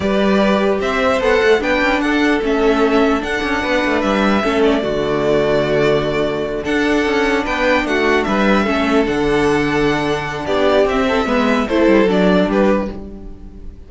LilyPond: <<
  \new Staff \with { instrumentName = "violin" } { \time 4/4 \tempo 4 = 149 d''2 e''4 fis''4 | g''4 fis''4 e''2 | fis''2 e''4. d''8~ | d''1~ |
d''8 fis''2 g''4 fis''8~ | fis''8 e''2 fis''4.~ | fis''2 d''4 e''4~ | e''4 c''4 d''4 b'4 | }
  \new Staff \with { instrumentName = "violin" } { \time 4/4 b'2 c''2 | b'4 a'2.~ | a'4 b'2 a'4 | fis'1~ |
fis'8 a'2 b'4 fis'8~ | fis'8 b'4 a'2~ a'8~ | a'2 g'4. a'8 | b'4 a'2 g'4 | }
  \new Staff \with { instrumentName = "viola" } { \time 4/4 g'2. a'4 | d'2 cis'2 | d'2. cis'4 | a1~ |
a8 d'2.~ d'8~ | d'4. cis'4 d'4.~ | d'2. c'4 | b4 e'4 d'2 | }
  \new Staff \with { instrumentName = "cello" } { \time 4/4 g2 c'4 b8 a8 | b8 cis'8 d'4 a2 | d'8 cis'8 b8 a8 g4 a4 | d1~ |
d8 d'4 cis'4 b4 a8~ | a8 g4 a4 d4.~ | d2 b4 c'4 | gis4 a8 g8 fis4 g4 | }
>>